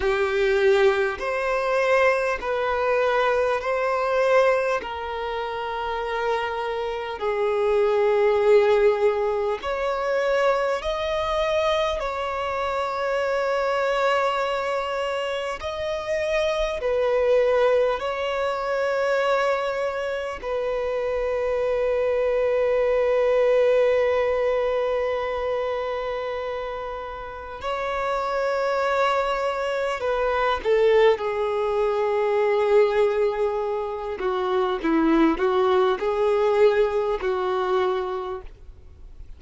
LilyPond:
\new Staff \with { instrumentName = "violin" } { \time 4/4 \tempo 4 = 50 g'4 c''4 b'4 c''4 | ais'2 gis'2 | cis''4 dis''4 cis''2~ | cis''4 dis''4 b'4 cis''4~ |
cis''4 b'2.~ | b'2. cis''4~ | cis''4 b'8 a'8 gis'2~ | gis'8 fis'8 e'8 fis'8 gis'4 fis'4 | }